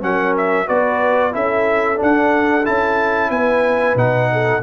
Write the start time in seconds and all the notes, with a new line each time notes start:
0.00 F#3 C#4 A#4 F#5
0.37 E5
0.66 B3 F#4 B4 D5
1.31 C#4 E4 A4 E5
1.96 D4
2.02 F#5
2.65 C#4 E4 A5
3.30 B3 B4 G#5
3.95 B2 D#4 F#5
4.32 A4